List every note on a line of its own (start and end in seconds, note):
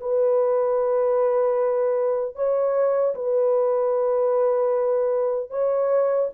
0.00 2.35 B4
2.35 3.14 C#5
3.15 5.50 B4
5.50 6.29 C#5